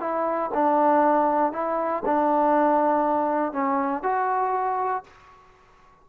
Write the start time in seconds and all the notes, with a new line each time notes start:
0.00 E4
0.54 D4
1.52 E4
2.05 D4
3.52 C#4
4.03 F#4